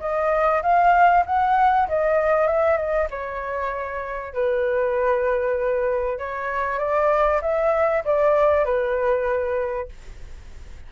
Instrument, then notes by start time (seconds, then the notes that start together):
flute
0.00 D#5
0.62 F5
1.26 F#5
1.88 D#5
2.47 E5
2.77 D#5
3.10 C#5
4.34 B4
6.18 C#5
6.79 D5
7.42 E5
8.05 D5
8.65 B4